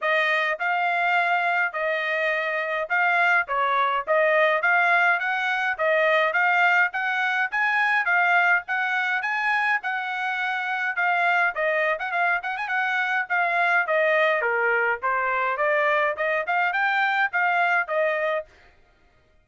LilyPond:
\new Staff \with { instrumentName = "trumpet" } { \time 4/4 \tempo 4 = 104 dis''4 f''2 dis''4~ | dis''4 f''4 cis''4 dis''4 | f''4 fis''4 dis''4 f''4 | fis''4 gis''4 f''4 fis''4 |
gis''4 fis''2 f''4 | dis''8. fis''16 f''8 fis''16 gis''16 fis''4 f''4 | dis''4 ais'4 c''4 d''4 | dis''8 f''8 g''4 f''4 dis''4 | }